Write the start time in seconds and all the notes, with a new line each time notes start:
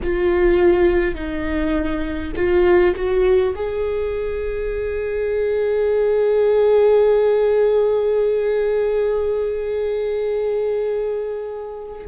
0.02 F4
1.14 D#4
2.35 F4
2.95 F#4
3.55 G#4